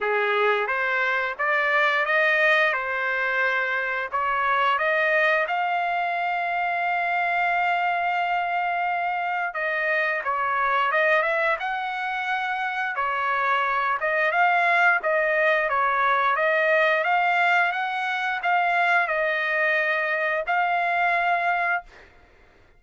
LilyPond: \new Staff \with { instrumentName = "trumpet" } { \time 4/4 \tempo 4 = 88 gis'4 c''4 d''4 dis''4 | c''2 cis''4 dis''4 | f''1~ | f''2 dis''4 cis''4 |
dis''8 e''8 fis''2 cis''4~ | cis''8 dis''8 f''4 dis''4 cis''4 | dis''4 f''4 fis''4 f''4 | dis''2 f''2 | }